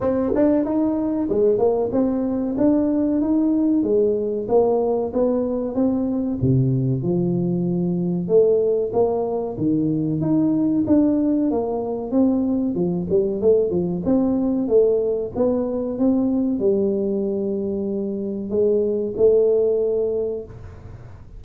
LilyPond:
\new Staff \with { instrumentName = "tuba" } { \time 4/4 \tempo 4 = 94 c'8 d'8 dis'4 gis8 ais8 c'4 | d'4 dis'4 gis4 ais4 | b4 c'4 c4 f4~ | f4 a4 ais4 dis4 |
dis'4 d'4 ais4 c'4 | f8 g8 a8 f8 c'4 a4 | b4 c'4 g2~ | g4 gis4 a2 | }